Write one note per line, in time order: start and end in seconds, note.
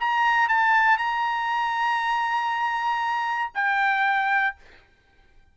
0.00 0.48 A#5
0.48 0.97 A5
0.97 3.52 A#5
3.54 4.56 G5